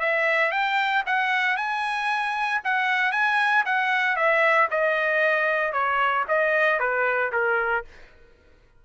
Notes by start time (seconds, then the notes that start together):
0.00 E5
0.51 G5
1.07 F#5
1.57 G#5
2.65 F#5
3.12 G#5
3.66 F#5
4.17 E5
4.71 D#5
5.73 C#5
6.28 D#5
6.80 B4
7.33 A#4